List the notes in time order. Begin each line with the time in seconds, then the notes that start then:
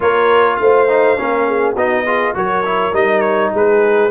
0.00 A#3 F4 A#4 C#5
0.56 A3 C5 F5
0.88 D#4
1.17 A#3 C#4 A#4
1.47 G#4
1.74 B3 D#4 F#4 D#5
2.05 F4 G#4
2.34 F#3 F#4 A#4 C#5
2.65 E4
2.93 G3 D#4 D#5
3.20 C#5
3.52 G#3 G#4 B4